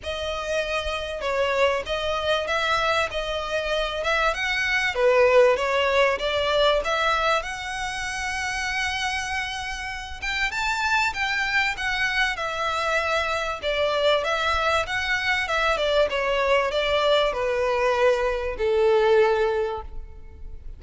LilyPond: \new Staff \with { instrumentName = "violin" } { \time 4/4 \tempo 4 = 97 dis''2 cis''4 dis''4 | e''4 dis''4. e''8 fis''4 | b'4 cis''4 d''4 e''4 | fis''1~ |
fis''8 g''8 a''4 g''4 fis''4 | e''2 d''4 e''4 | fis''4 e''8 d''8 cis''4 d''4 | b'2 a'2 | }